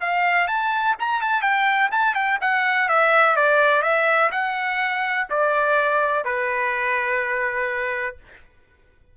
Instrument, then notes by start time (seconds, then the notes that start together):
trumpet
0.00 F5
0.47 A5
0.99 A#5
1.21 A5
1.42 G5
1.91 A5
2.14 G5
2.41 F#5
2.88 E5
3.36 D5
3.82 E5
4.31 F#5
5.30 D5
6.24 B4